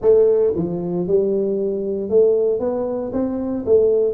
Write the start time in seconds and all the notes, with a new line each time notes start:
0.01 A3
0.55 F3
1.07 G3
2.09 A3
2.59 B3
3.12 C4
3.65 A3